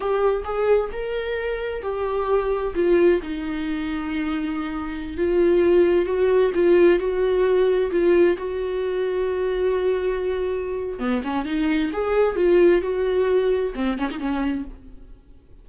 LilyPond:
\new Staff \with { instrumentName = "viola" } { \time 4/4 \tempo 4 = 131 g'4 gis'4 ais'2 | g'2 f'4 dis'4~ | dis'2.~ dis'16 f'8.~ | f'4~ f'16 fis'4 f'4 fis'8.~ |
fis'4~ fis'16 f'4 fis'4.~ fis'16~ | fis'1 | b8 cis'8 dis'4 gis'4 f'4 | fis'2 c'8 cis'16 dis'16 cis'4 | }